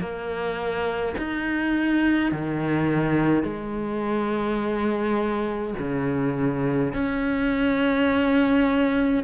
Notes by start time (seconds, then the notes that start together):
0.00 A#3
1.17 D#4
2.32 D#3
3.43 G#3
5.78 C#3
6.93 C#4